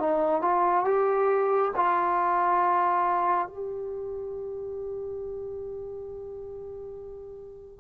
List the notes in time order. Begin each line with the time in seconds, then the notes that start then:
0.00 D#4
0.42 F4
0.85 G4
1.76 F4
3.48 G4